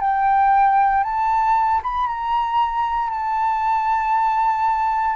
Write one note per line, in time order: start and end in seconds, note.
0.00 1.03 G5
1.03 1.81 A5
1.82 2.06 B5
2.06 3.10 A#5
3.10 5.16 A5